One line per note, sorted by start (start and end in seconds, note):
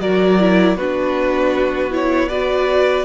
0.00 0.75 F#3
0.00 0.39 F#4
0.00 0.77 A#4
0.00 0.77 D5
0.39 0.78 E4
0.75 3.05 B3
0.75 1.91 D4
0.75 2.28 F#4
0.75 1.92 B4
1.91 2.29 E4
1.91 2.28 C#5
2.28 3.05 F#4
2.28 3.05 B4
2.28 3.05 D5